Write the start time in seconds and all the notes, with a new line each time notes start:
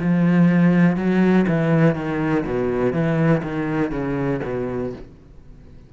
0.00 F3
0.97 F#3
1.48 E3
1.95 D#3
2.45 B2
2.93 E3
3.42 D#3
3.91 C#3
4.44 B2